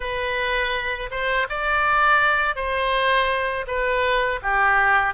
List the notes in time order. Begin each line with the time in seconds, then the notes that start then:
0.00 B4
1.10 C5
1.49 D5
2.55 C5
3.67 B4
4.42 G4